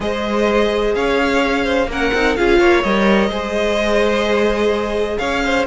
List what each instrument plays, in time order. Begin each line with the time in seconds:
0.00 cello G#3, viola G#4, violin C5 D#5
0.95 cello C#4, violin C#5 F5
1.64 violin C5
1.87 cello A#3, viola C#4, violin A#4 F#5
2.13 cello C4, viola D#4
2.36 cello C#4, viola F4, violin G#4 F5
2.58 cello A#3, violin C#5
2.83 cello G3, viola A#4, violin D#5
3.28 cello G#3, viola G#4, violin C5
5.18 cello C#4, violin C#5 F5
5.44 violin C5